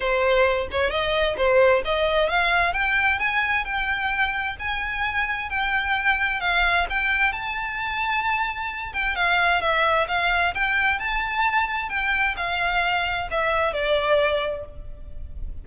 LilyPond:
\new Staff \with { instrumentName = "violin" } { \time 4/4 \tempo 4 = 131 c''4. cis''8 dis''4 c''4 | dis''4 f''4 g''4 gis''4 | g''2 gis''2 | g''2 f''4 g''4 |
a''2.~ a''8 g''8 | f''4 e''4 f''4 g''4 | a''2 g''4 f''4~ | f''4 e''4 d''2 | }